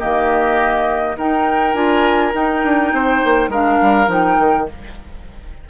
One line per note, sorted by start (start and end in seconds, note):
0.00 1.17 D#3
0.00 1.17 A#3
0.00 1.17 G4
0.00 1.17 D#5
1.17 1.74 D#4
1.17 1.75 D#4
1.17 2.92 A#4
1.17 1.74 G5
1.74 2.33 D4
1.74 2.33 F4
1.74 2.32 G#5
2.33 3.50 D#4
2.33 2.64 D#4
2.33 3.52 G5
2.64 2.93 D4
2.93 3.22 C4
2.93 3.50 C5
3.25 3.49 A#3
3.49 3.78 G#3
3.49 4.07 D4
3.49 4.67 A#4
3.49 4.11 F5
3.82 4.08 G3
4.07 4.37 F3
4.07 4.65 D#4
4.07 4.70 G5
4.39 4.68 D#3